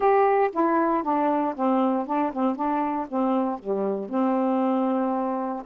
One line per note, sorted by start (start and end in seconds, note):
0.00 0.50 G4
0.52 1.03 E4
1.03 1.54 D4
1.55 2.06 C4
2.06 2.32 D4
2.32 2.55 C4
2.55 3.07 D4
3.08 3.59 C4
3.59 4.09 G3
4.09 5.63 C4